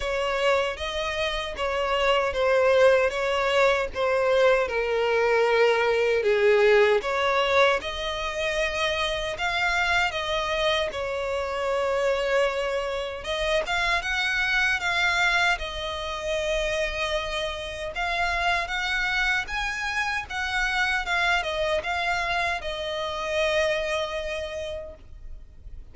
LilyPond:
\new Staff \with { instrumentName = "violin" } { \time 4/4 \tempo 4 = 77 cis''4 dis''4 cis''4 c''4 | cis''4 c''4 ais'2 | gis'4 cis''4 dis''2 | f''4 dis''4 cis''2~ |
cis''4 dis''8 f''8 fis''4 f''4 | dis''2. f''4 | fis''4 gis''4 fis''4 f''8 dis''8 | f''4 dis''2. | }